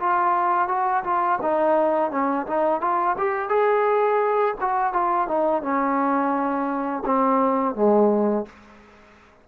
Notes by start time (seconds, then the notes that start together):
0.00 F4
0.69 F#4
1.04 F4
1.42 D#4
2.11 C#4
2.47 D#4
2.81 F4
3.18 G4
3.50 G#4
4.61 F#4
4.94 F4
5.28 D#4
5.63 C#4
7.06 C4
7.76 G#3